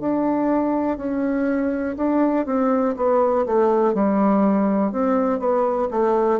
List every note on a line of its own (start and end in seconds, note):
0.00 0.97 D4
0.97 1.95 C#4
1.97 2.45 D4
2.45 2.95 C4
2.96 3.46 B3
3.46 3.94 A3
3.94 4.92 G3
4.92 5.39 C4
5.39 5.88 B3
5.91 6.40 A3